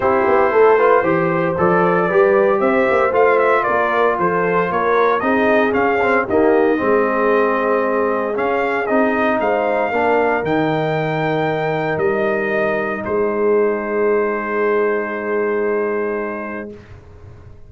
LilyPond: <<
  \new Staff \with { instrumentName = "trumpet" } { \time 4/4 \tempo 4 = 115 c''2. d''4~ | d''4 e''4 f''8 e''8 d''4 | c''4 cis''4 dis''4 f''4 | dis''1 |
f''4 dis''4 f''2 | g''2. dis''4~ | dis''4 c''2.~ | c''1 | }
  \new Staff \with { instrumentName = "horn" } { \time 4/4 g'4 a'8 b'8 c''2 | b'4 c''2 ais'4 | a'4 ais'4 gis'2 | g'4 gis'2.~ |
gis'2 c''4 ais'4~ | ais'1~ | ais'4 gis'2.~ | gis'1 | }
  \new Staff \with { instrumentName = "trombone" } { \time 4/4 e'4. f'8 g'4 a'4 | g'2 f'2~ | f'2 dis'4 cis'8 c'8 | ais4 c'2. |
cis'4 dis'2 d'4 | dis'1~ | dis'1~ | dis'1 | }
  \new Staff \with { instrumentName = "tuba" } { \time 4/4 c'8 b8 a4 e4 f4 | g4 c'8 ais8 a4 ais4 | f4 ais4 c'4 cis'4 | dis'4 gis2. |
cis'4 c'4 gis4 ais4 | dis2. g4~ | g4 gis2.~ | gis1 | }
>>